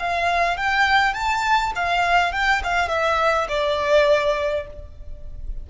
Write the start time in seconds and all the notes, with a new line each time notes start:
0.00 F5
0.57 G5
1.14 A5
1.76 F5
2.33 G5
2.64 F5
2.89 E5
3.49 D5